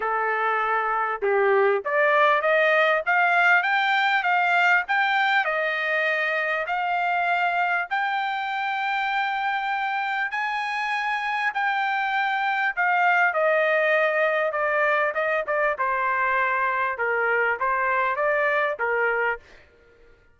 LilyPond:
\new Staff \with { instrumentName = "trumpet" } { \time 4/4 \tempo 4 = 99 a'2 g'4 d''4 | dis''4 f''4 g''4 f''4 | g''4 dis''2 f''4~ | f''4 g''2.~ |
g''4 gis''2 g''4~ | g''4 f''4 dis''2 | d''4 dis''8 d''8 c''2 | ais'4 c''4 d''4 ais'4 | }